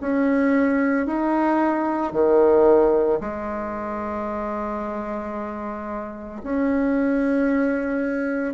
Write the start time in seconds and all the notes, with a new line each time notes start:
0.00 C#4
1.06 D#4
2.12 D#3
3.20 G#3
6.43 C#4